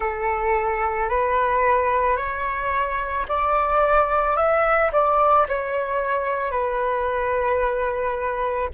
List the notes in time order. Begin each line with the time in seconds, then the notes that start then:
0.00 A4
1.09 B4
2.17 C#5
3.28 D5
4.36 E5
4.92 D5
5.48 C#5
6.51 B4